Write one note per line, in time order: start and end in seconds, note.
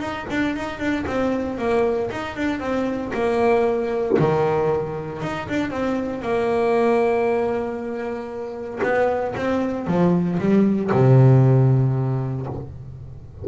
0.00 0.26 D#4
0.30 0.56 D4
0.56 0.79 D#4
0.79 1.05 D4
1.07 1.58 C4
1.58 2.10 A#3
2.11 2.36 D#4
2.36 2.60 D4
2.60 3.12 C4
3.14 4.18 A#3
4.19 5.22 D#3
5.22 5.48 D#4
5.49 5.70 D4
5.70 6.22 C4
6.22 8.80 A#3
8.83 9.35 B3
9.36 9.87 C4
9.87 10.39 F3
10.39 10.91 G3
10.91 12.47 C3